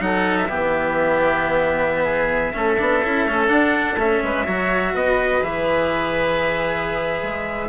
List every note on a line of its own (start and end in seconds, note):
0.00 0.48 F#3
0.00 0.48 D#4
0.00 0.49 A4
0.00 0.38 F#5
0.38 3.48 E5
0.48 2.54 E3
0.48 2.52 B3
0.48 2.04 G4
2.04 2.52 G#4
2.53 2.79 A3
2.53 2.77 C#4
2.53 4.24 A4
2.78 3.04 B3
2.78 3.02 D4
3.04 3.26 C#4
3.04 3.27 E4
3.26 3.48 A3
3.26 3.48 C#4
3.48 3.96 D4
3.48 3.96 F#5
3.96 4.20 A3
3.96 4.47 C#4
3.96 4.95 E5
4.23 4.47 G#3
4.23 4.45 B4
4.45 4.94 F#3
4.45 5.41 F#4
4.45 4.93 C#5
4.94 5.42 B3
4.94 7.69 B4
4.94 5.43 D#5
5.41 7.22 E3
5.41 7.69 G#4
5.41 7.69 E5
7.22 7.69 G#3